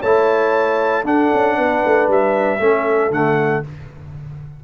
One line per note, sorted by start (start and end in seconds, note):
0.00 1.05 A3
0.00 1.05 E4
0.00 1.03 C#5
0.00 1.06 A5
1.05 2.60 D4
1.05 1.31 D4
1.05 1.57 A4
1.05 2.10 F#5
1.34 1.59 C#4
1.57 1.85 B3
1.57 2.60 B4
1.85 2.09 A3
2.09 2.60 G3
2.09 3.13 E5
2.60 3.11 A3
2.60 3.12 C#4
2.60 3.64 A4
3.11 3.63 D3
3.11 3.64 A3
3.11 3.65 F#5